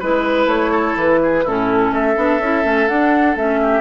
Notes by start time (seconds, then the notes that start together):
0.00 G#3 E4 B4
0.46 A3 C#5
0.72 A4
0.96 E3 B4
1.23 G#4
1.44 A2 C#4 E4 A4
1.92 A3 A4 E5
2.17 B3 D4
2.40 C#4 E4
2.64 A3 C#4
2.88 D4 F#5
3.36 A3 C#4 E5
3.63 G4